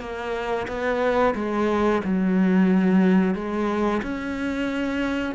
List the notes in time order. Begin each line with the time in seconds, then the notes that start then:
0.00 A#3
0.68 B3
1.35 G#3
2.04 F#3
3.35 G#3
4.02 C#4